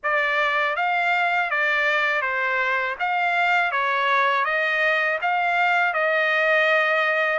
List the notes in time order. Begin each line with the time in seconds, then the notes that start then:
0.03 D5
0.76 F5
1.50 D5
2.21 C5
2.99 F5
3.71 C#5
4.44 D#5
5.21 F5
5.93 D#5